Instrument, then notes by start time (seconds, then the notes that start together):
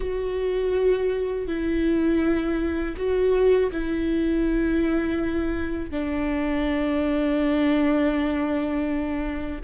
viola
0.00 F#4
1.47 E4
2.96 F#4
3.71 E4
5.90 D4